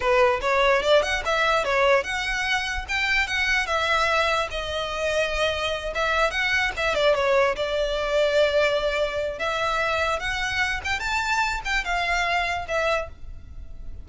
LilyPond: \new Staff \with { instrumentName = "violin" } { \time 4/4 \tempo 4 = 147 b'4 cis''4 d''8 fis''8 e''4 | cis''4 fis''2 g''4 | fis''4 e''2 dis''4~ | dis''2~ dis''8 e''4 fis''8~ |
fis''8 e''8 d''8 cis''4 d''4.~ | d''2. e''4~ | e''4 fis''4. g''8 a''4~ | a''8 g''8 f''2 e''4 | }